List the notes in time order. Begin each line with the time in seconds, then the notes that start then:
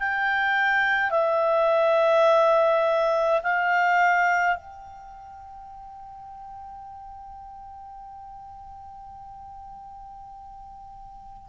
0.00 G5
1.11 E5
3.43 F5
4.56 G5